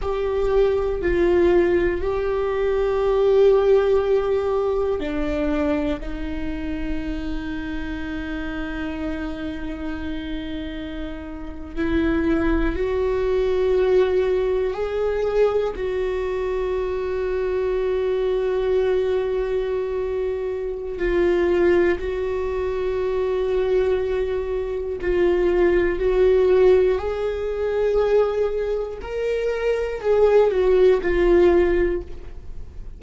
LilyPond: \new Staff \with { instrumentName = "viola" } { \time 4/4 \tempo 4 = 60 g'4 f'4 g'2~ | g'4 d'4 dis'2~ | dis'2.~ dis'8. e'16~ | e'8. fis'2 gis'4 fis'16~ |
fis'1~ | fis'4 f'4 fis'2~ | fis'4 f'4 fis'4 gis'4~ | gis'4 ais'4 gis'8 fis'8 f'4 | }